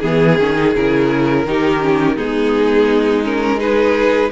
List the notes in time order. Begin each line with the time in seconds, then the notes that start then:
0.00 E3 B3 G#4
0.39 D#3 C#4
0.56 D#4
0.75 C#3 E4 A#4
1.46 D#3 D#4 G4
1.80 C#4
2.16 G#3 B3 D#4 G#4
3.24 C#4 A#4
3.58 D#4 G#4 B4